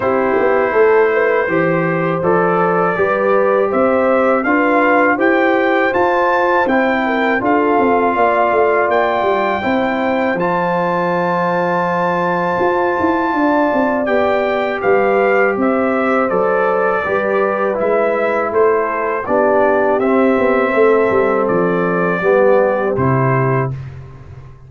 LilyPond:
<<
  \new Staff \with { instrumentName = "trumpet" } { \time 4/4 \tempo 4 = 81 c''2. d''4~ | d''4 e''4 f''4 g''4 | a''4 g''4 f''2 | g''2 a''2~ |
a''2. g''4 | f''4 e''4 d''2 | e''4 c''4 d''4 e''4~ | e''4 d''2 c''4 | }
  \new Staff \with { instrumentName = "horn" } { \time 4/4 g'4 a'8 b'8 c''2 | b'4 c''4 b'4 c''4~ | c''4. ais'8 a'4 d''4~ | d''4 c''2.~ |
c''2 d''2 | b'4 c''2 b'4~ | b'4 a'4 g'2 | a'2 g'2 | }
  \new Staff \with { instrumentName = "trombone" } { \time 4/4 e'2 g'4 a'4 | g'2 f'4 g'4 | f'4 e'4 f'2~ | f'4 e'4 f'2~ |
f'2. g'4~ | g'2 a'4 g'4 | e'2 d'4 c'4~ | c'2 b4 e'4 | }
  \new Staff \with { instrumentName = "tuba" } { \time 4/4 c'8 b8 a4 e4 f4 | g4 c'4 d'4 e'4 | f'4 c'4 d'8 c'8 ais8 a8 | ais8 g8 c'4 f2~ |
f4 f'8 e'8 d'8 c'8 b4 | g4 c'4 fis4 g4 | gis4 a4 b4 c'8 b8 | a8 g8 f4 g4 c4 | }
>>